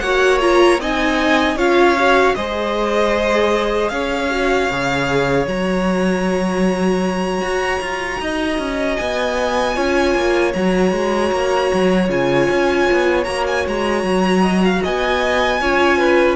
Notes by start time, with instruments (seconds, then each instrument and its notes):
0.00 cello A#3, viola F#4, violin C#5 F#5
0.40 viola F4, violin A#5
0.79 cello C4, viola D#4, violin D#5 G#5
1.56 cello C#4, viola F4, violin C#5 F5
1.99 viola F#4
2.35 cello G#3, viola G#4, violin C5 D#5
3.89 cello C#4, violin C#5 F5
4.31 viola F#4
4.70 cello C#3, viola G#4
5.47 cello F#3, viola F#4, violin A#5
7.42 cello F#4
7.81 cello F4
8.21 cello D#4, violin D#5
8.59 cello C#4
8.97 cello B3, violin G#5
9.75 cello C#4, viola F4, violin C#5
10.15 cello A#3
10.54 cello F#3, viola F#4, violin A#5
10.93 cello G#3
11.33 cello A#3
11.74 cello F#3
12.09 cello C#3, viola F4, violin G#5
12.50 cello C#4
12.92 cello B3
13.25 cello A#3, viola F#4, violin A#5
13.47 violin G#5
13.68 cello G#3, violin A#5
14.04 cello F#3
14.43 violin D#5
14.65 violin F5
14.83 cello B3, violin D#5 G#5
15.61 cello C#4, viola F4, violin C#5
15.98 violin B4